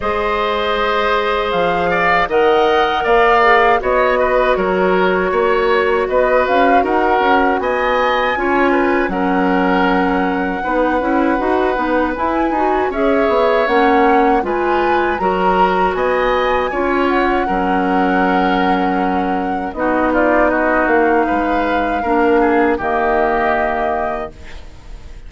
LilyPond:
<<
  \new Staff \with { instrumentName = "flute" } { \time 4/4 \tempo 4 = 79 dis''2 f''4 fis''4 | f''4 dis''4 cis''2 | dis''8 f''8 fis''4 gis''2 | fis''1 |
gis''4 e''4 fis''4 gis''4 | ais''4 gis''4. fis''4.~ | fis''2 dis''8 d''8 dis''8 f''8~ | f''2 dis''2 | }
  \new Staff \with { instrumentName = "oboe" } { \time 4/4 c''2~ c''8 d''8 dis''4 | d''4 cis''8 b'8 ais'4 cis''4 | b'4 ais'4 dis''4 cis''8 b'8 | ais'2 b'2~ |
b'4 cis''2 b'4 | ais'4 dis''4 cis''4 ais'4~ | ais'2 fis'8 f'8 fis'4 | b'4 ais'8 gis'8 g'2 | }
  \new Staff \with { instrumentName = "clarinet" } { \time 4/4 gis'2. ais'4~ | ais'8 gis'8 fis'2.~ | fis'2. f'4 | cis'2 dis'8 e'8 fis'8 dis'8 |
e'8 fis'8 gis'4 cis'4 f'4 | fis'2 f'4 cis'4~ | cis'2 dis'2~ | dis'4 d'4 ais2 | }
  \new Staff \with { instrumentName = "bassoon" } { \time 4/4 gis2 f4 dis4 | ais4 b4 fis4 ais4 | b8 cis'8 dis'8 cis'8 b4 cis'4 | fis2 b8 cis'8 dis'8 b8 |
e'8 dis'8 cis'8 b8 ais4 gis4 | fis4 b4 cis'4 fis4~ | fis2 b4. ais8 | gis4 ais4 dis2 | }
>>